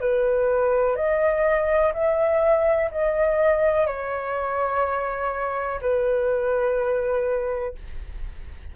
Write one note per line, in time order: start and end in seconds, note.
0.00 0.96 B4
0.96 1.93 D#5
1.94 2.90 E5
2.91 3.87 D#5
3.87 5.80 C#5
5.82 7.75 B4